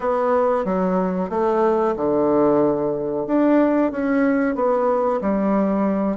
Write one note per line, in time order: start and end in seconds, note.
0.00 0.65 B3
0.65 1.29 F#3
1.29 1.94 A3
1.96 3.26 D3
3.26 3.91 D4
3.91 4.55 C#4
4.55 5.20 B3
5.21 6.16 G3